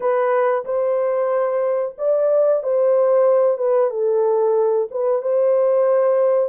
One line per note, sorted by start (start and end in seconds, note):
0.00 0.64 B4
0.64 1.95 C5
1.97 2.63 D5
2.63 3.57 C5
3.57 3.90 B4
3.90 4.88 A4
4.90 5.21 B4
5.21 6.49 C5